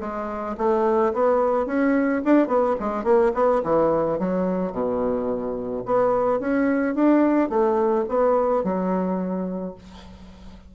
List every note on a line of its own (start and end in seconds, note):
0.00 0.56 G#3
0.57 1.12 A3
1.13 1.66 B3
1.66 2.21 C#4
2.24 2.47 D4
2.47 2.75 B3
2.79 3.04 G#3
3.04 3.31 A#3
3.34 3.62 B3
3.63 4.18 E3
4.18 4.71 F#3
4.71 5.83 B2
5.85 6.39 B3
6.39 6.95 C#4
6.95 7.49 D4
7.49 8.05 A3
8.08 8.63 B3
8.63 9.74 F#3